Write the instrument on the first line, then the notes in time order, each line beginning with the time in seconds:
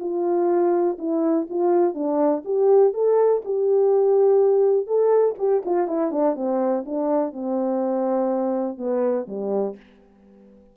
horn
0.00 F4
0.98 E4
1.49 F4
1.94 D4
2.45 G4
2.93 A4
3.45 G4
4.86 A4
5.38 G4
5.65 F4
5.87 E4
6.11 D4
6.35 C4
6.85 D4
7.33 C4
8.78 B3
9.27 G3